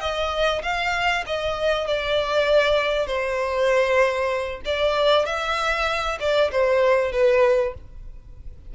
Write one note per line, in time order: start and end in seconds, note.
0.00 0.62 D#5
0.62 1.24 F5
1.26 1.87 D#5
1.87 3.06 D5
3.06 4.61 C5
4.65 5.25 D5
5.25 6.18 E5
6.20 6.51 D5
6.51 7.12 C5
7.12 7.73 B4